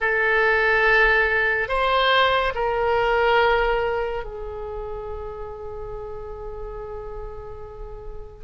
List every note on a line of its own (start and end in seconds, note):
0.00 1.68 A4
1.68 2.53 C5
2.54 4.23 A#4
4.23 8.44 G#4